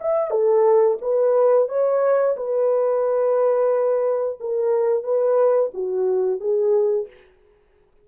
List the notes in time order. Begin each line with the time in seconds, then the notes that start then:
0.00 E5
0.30 A4
1.01 B4
1.69 C#5
2.37 B4
4.40 A#4
5.03 B4
5.74 F#4
6.40 G#4